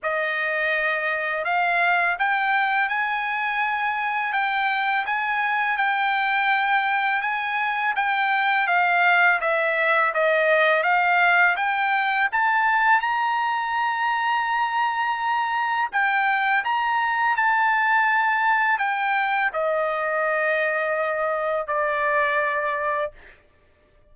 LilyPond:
\new Staff \with { instrumentName = "trumpet" } { \time 4/4 \tempo 4 = 83 dis''2 f''4 g''4 | gis''2 g''4 gis''4 | g''2 gis''4 g''4 | f''4 e''4 dis''4 f''4 |
g''4 a''4 ais''2~ | ais''2 g''4 ais''4 | a''2 g''4 dis''4~ | dis''2 d''2 | }